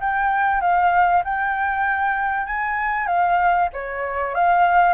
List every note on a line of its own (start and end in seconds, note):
0.00 0.61 G5
0.61 1.23 F5
1.24 2.46 G5
2.46 3.07 G#5
3.07 3.69 F5
3.73 4.34 C#5
4.34 4.93 F5